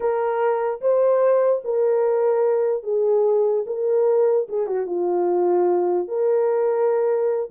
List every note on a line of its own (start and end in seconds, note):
0.00 0.81 A#4
0.81 1.62 C5
1.64 2.83 A#4
2.83 3.64 G#4
3.66 4.47 A#4
4.48 4.66 G#4
4.66 4.86 F#4
4.86 6.08 F4
6.08 7.49 A#4